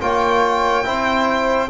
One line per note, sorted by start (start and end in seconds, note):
0.00 0.86 A#3
0.00 0.84 F4
0.00 0.85 C#5
0.00 1.69 G5
0.84 1.69 C4
0.84 1.68 E4
0.84 1.69 C5